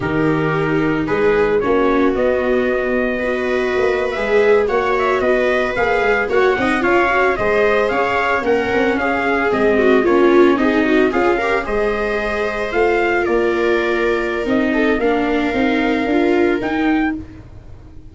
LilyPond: <<
  \new Staff \with { instrumentName = "trumpet" } { \time 4/4 \tempo 4 = 112 ais'2 b'4 cis''4 | dis''2.~ dis''8. e''16~ | e''8. fis''8 e''8 dis''4 f''4 fis''16~ | fis''8. f''4 dis''4 f''4 fis''16~ |
fis''8. f''4 dis''4 cis''4 dis''16~ | dis''8. f''4 dis''2 f''16~ | f''8. d''2~ d''16 dis''4 | f''2. g''4 | }
  \new Staff \with { instrumentName = "viola" } { \time 4/4 g'2 gis'4 fis'4~ | fis'2 b'2~ | b'8. cis''4 b'2 cis''16~ | cis''16 dis''8 cis''4 c''4 cis''4 ais'16~ |
ais'8. gis'4. fis'8 f'4 dis'16~ | dis'8. gis'8 ais'8 c''2~ c''16~ | c''8. ais'2~ ais'8. a'8 | ais'1 | }
  \new Staff \with { instrumentName = "viola" } { \time 4/4 dis'2. cis'4 | b2 fis'4.~ fis'16 gis'16~ | gis'8. fis'2 gis'4 fis'16~ | fis'16 dis'8 f'8 fis'8 gis'2 cis'16~ |
cis'4.~ cis'16 c'4 cis'4 gis'16~ | gis'16 fis'8 f'8 g'8 gis'2 f'16~ | f'2. dis'4 | d'4 dis'4 f'4 dis'4 | }
  \new Staff \with { instrumentName = "tuba" } { \time 4/4 dis2 gis4 ais4 | b2. ais8. gis16~ | gis8. ais4 b4 ais8 gis8 ais16~ | ais16 c'8 cis'4 gis4 cis'4 ais16~ |
ais16 c'8 cis'4 gis4 ais4 c'16~ | c'8. cis'4 gis2 a16~ | a8. ais2~ ais16 c'4 | ais4 c'4 d'4 dis'4 | }
>>